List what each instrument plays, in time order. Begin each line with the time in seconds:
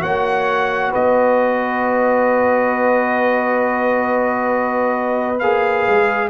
0.00 tuba A#3, trombone F#4, horn C#5, trumpet F#5
0.91 tuba B3, horn B4, trumpet D#5
5.40 tuba A#3, trombone G#4, trumpet F5
5.88 tuba G#3